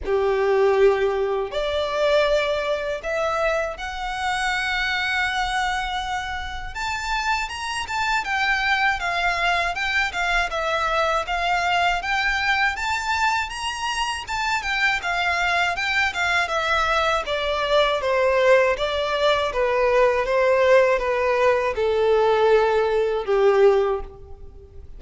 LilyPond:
\new Staff \with { instrumentName = "violin" } { \time 4/4 \tempo 4 = 80 g'2 d''2 | e''4 fis''2.~ | fis''4 a''4 ais''8 a''8 g''4 | f''4 g''8 f''8 e''4 f''4 |
g''4 a''4 ais''4 a''8 g''8 | f''4 g''8 f''8 e''4 d''4 | c''4 d''4 b'4 c''4 | b'4 a'2 g'4 | }